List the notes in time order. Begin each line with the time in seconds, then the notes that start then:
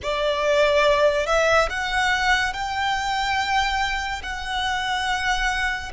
0.02 D5
1.26 E5
1.69 F#5
2.53 G5
4.23 F#5